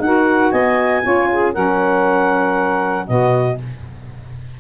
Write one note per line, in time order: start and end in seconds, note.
0.00 0.51 D#4
0.00 1.03 F#4
0.00 0.52 A#4
0.00 0.52 F#5
0.52 1.03 B3
0.52 1.03 D#5
0.52 1.53 G#5
1.03 1.56 C#4
1.03 1.53 F4
1.03 1.30 C#5
1.32 1.53 G#4
1.53 3.09 F#3
1.53 3.06 C#4
1.53 3.06 A#4
1.53 3.07 F#5
3.07 3.60 B2
3.07 3.58 B3
3.07 3.59 F#4
3.07 3.58 D#5